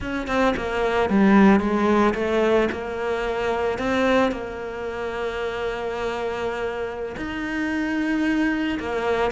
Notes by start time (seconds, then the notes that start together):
0.00 C#4
0.27 C4
0.56 A#3
1.09 G3
1.59 G#3
2.14 A3
2.71 A#3
3.78 C4
4.31 A#3
7.16 D#4
8.79 A#3